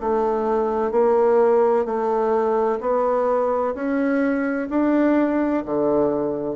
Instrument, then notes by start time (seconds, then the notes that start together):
bassoon
0.00 A3
0.92 A#3
1.85 A3
2.80 B3
3.75 C#4
4.70 D4
5.65 D3